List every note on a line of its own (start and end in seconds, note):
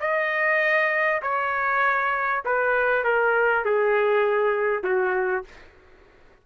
0.00 1.21 D#5
1.22 2.43 C#5
2.45 3.04 B4
3.04 3.64 A#4
3.64 4.83 G#4
4.83 5.44 F#4